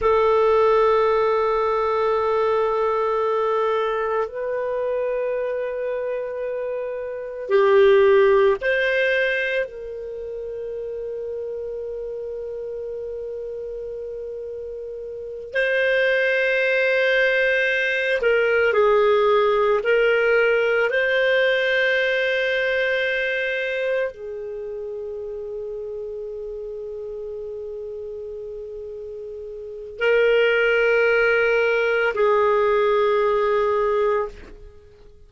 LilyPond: \new Staff \with { instrumentName = "clarinet" } { \time 4/4 \tempo 4 = 56 a'1 | b'2. g'4 | c''4 ais'2.~ | ais'2~ ais'8 c''4.~ |
c''4 ais'8 gis'4 ais'4 c''8~ | c''2~ c''8 gis'4.~ | gis'1 | ais'2 gis'2 | }